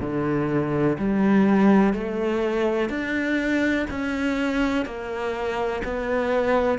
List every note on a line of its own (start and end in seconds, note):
0.00 0.97 D3
0.98 1.93 G3
1.93 2.89 A3
2.89 3.86 D4
3.90 4.85 C#4
4.85 5.82 A#3
5.84 6.78 B3